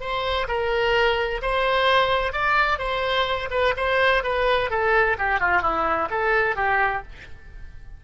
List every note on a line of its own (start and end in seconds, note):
0.00 0.47 C5
0.48 1.41 A#4
1.42 2.32 C5
2.32 2.78 D5
2.78 3.49 C5
3.51 3.74 B4
3.76 4.23 C5
4.23 4.70 B4
4.70 5.17 A4
5.18 5.40 G4
5.40 5.62 F4
5.62 6.09 E4
6.10 6.56 A4
6.56 7.02 G4